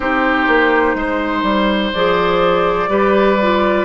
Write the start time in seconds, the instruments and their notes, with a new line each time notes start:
0.00 bassoon C4, clarinet D#4, oboe G4, flute C5
0.47 bassoon A#3
0.94 bassoon G#3, oboe C5
1.43 bassoon G3
1.92 bassoon F3, clarinet G#4, flute D5
2.88 bassoon G3, clarinet G4, oboe B4
3.42 clarinet F4